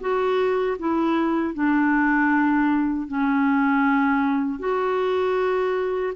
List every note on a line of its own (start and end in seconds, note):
0.00 0.77 F#4
0.79 1.54 E4
1.54 3.07 D4
3.07 4.59 C#4
4.59 6.13 F#4